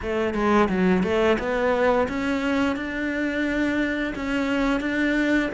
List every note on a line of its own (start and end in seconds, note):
0.02 0.34 A3
0.34 0.68 G#3
0.68 1.03 F#3
1.03 1.37 A3
1.38 2.07 B3
2.08 2.76 C#4
2.76 4.13 D4
4.15 4.80 C#4
4.80 5.49 D4